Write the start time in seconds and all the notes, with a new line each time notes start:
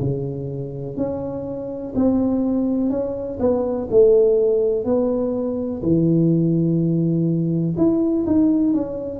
0.00 C#3
0.96 C#4
1.95 C4
2.90 C#4
3.40 B3
3.90 A3
4.85 B3
5.82 E3
7.77 E4
8.26 D#4
8.74 C#4